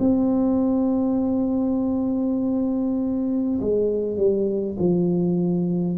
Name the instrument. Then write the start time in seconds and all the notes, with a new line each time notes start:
tuba
0.00 C4
3.61 G#3
4.17 G3
4.79 F3